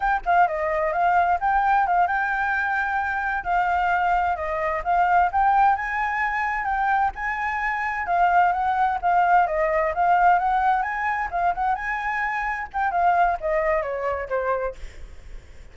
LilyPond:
\new Staff \with { instrumentName = "flute" } { \time 4/4 \tempo 4 = 130 g''8 f''8 dis''4 f''4 g''4 | f''8 g''2. f''8~ | f''4. dis''4 f''4 g''8~ | g''8 gis''2 g''4 gis''8~ |
gis''4. f''4 fis''4 f''8~ | f''8 dis''4 f''4 fis''4 gis''8~ | gis''8 f''8 fis''8 gis''2 g''8 | f''4 dis''4 cis''4 c''4 | }